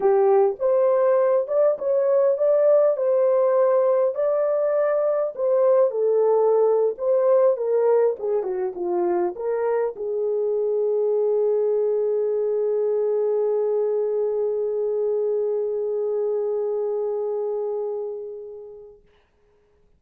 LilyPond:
\new Staff \with { instrumentName = "horn" } { \time 4/4 \tempo 4 = 101 g'4 c''4. d''8 cis''4 | d''4 c''2 d''4~ | d''4 c''4 a'4.~ a'16 c''16~ | c''8. ais'4 gis'8 fis'8 f'4 ais'16~ |
ais'8. gis'2.~ gis'16~ | gis'1~ | gis'1~ | gis'1 | }